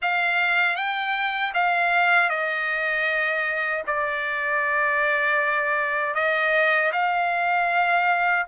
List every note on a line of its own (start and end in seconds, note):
0.02 0.76 F5
0.76 1.52 G5
1.53 2.29 F5
2.29 3.83 D#5
3.87 6.14 D5
6.14 6.91 D#5
6.92 8.46 F5